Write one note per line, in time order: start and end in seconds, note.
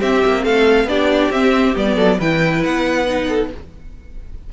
0.00 0.88 C4
0.00 0.23 C4
0.00 0.44 G4
0.00 0.45 E5
0.26 0.46 A#3
0.44 0.85 A3
0.44 0.88 A4
0.44 0.88 F5
0.85 1.28 B3
0.85 1.32 D4
0.85 1.96 G4
0.85 1.31 D5
1.31 1.75 C4
1.31 1.75 E5
1.75 1.97 G3
1.75 2.18 B3
1.75 2.20 D5
1.96 2.19 F#3
1.96 2.17 A4
2.19 2.64 E3
2.19 3.06 E4
2.19 3.28 B4
2.19 2.63 G5
2.63 3.53 B3
2.63 3.51 F#5
3.06 3.50 D#4
3.28 3.50 A4